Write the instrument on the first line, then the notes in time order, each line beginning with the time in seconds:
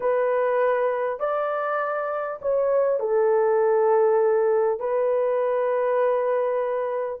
horn
0.00 B4
1.19 D5
2.41 C#5
2.99 A4
4.79 B4